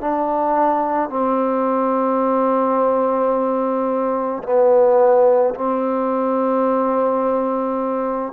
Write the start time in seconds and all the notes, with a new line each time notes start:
0.00 D4
1.09 C4
4.42 B3
5.54 C4